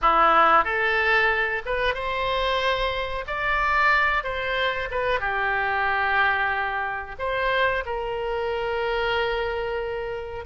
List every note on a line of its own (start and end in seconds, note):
0.01 0.64 E4
0.64 1.62 A4
1.65 1.94 B4
1.94 3.25 C5
3.27 4.23 D5
4.23 4.89 C5
4.90 5.19 B4
5.19 7.15 G4
7.18 7.83 C5
7.85 10.45 A#4